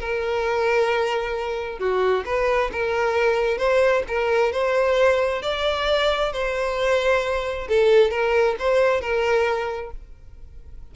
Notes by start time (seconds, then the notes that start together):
0.00 A#4
1.79 F#4
2.25 B4
2.72 A#4
3.57 C5
4.07 A#4
4.52 C5
5.42 D5
6.32 C5
7.68 A4
8.10 A#4
8.59 C5
9.01 A#4